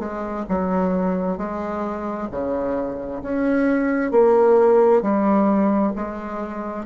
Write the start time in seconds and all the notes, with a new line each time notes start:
0.00 G#3
0.49 F#3
1.38 G#3
2.32 C#3
3.23 C#4
4.12 A#3
5.02 G3
5.96 G#3